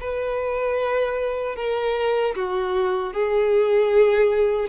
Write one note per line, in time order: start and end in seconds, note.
0.00 1.56 B4
1.56 2.35 A#4
2.35 3.13 F#4
3.13 4.69 G#4